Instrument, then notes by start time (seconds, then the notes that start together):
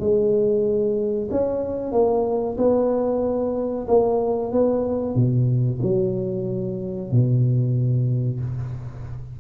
tuba
0.00 G#3
1.31 C#4
1.92 A#3
2.58 B3
3.87 A#3
4.52 B3
5.15 B2
5.83 F#3
7.11 B2